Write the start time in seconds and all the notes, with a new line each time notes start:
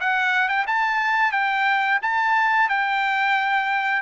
0.00 F#5
0.48 G5
0.66 A5
1.31 G5
2.02 A5
2.68 G5